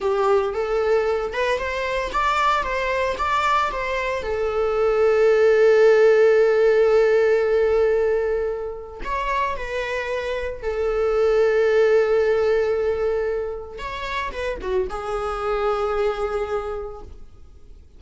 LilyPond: \new Staff \with { instrumentName = "viola" } { \time 4/4 \tempo 4 = 113 g'4 a'4. b'8 c''4 | d''4 c''4 d''4 c''4 | a'1~ | a'1~ |
a'4 cis''4 b'2 | a'1~ | a'2 cis''4 b'8 fis'8 | gis'1 | }